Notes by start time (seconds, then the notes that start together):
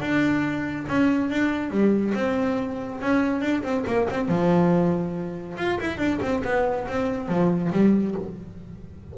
0.00 D4
0.88 C#4
1.30 D4
1.70 G3
2.14 C4
3.01 C#4
3.41 D4
3.63 C4
3.86 A#3
4.10 C4
4.28 F3
5.57 F4
5.80 E4
5.98 D4
6.21 C4
6.44 B3
6.88 C4
7.28 F3
7.72 G3